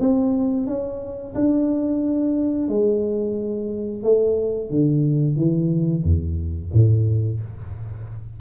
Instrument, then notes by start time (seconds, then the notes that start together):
tuba
0.00 C4
0.67 C#4
1.35 D4
2.68 G#3
4.03 A3
4.70 D3
5.36 E3
6.04 E2
6.73 A2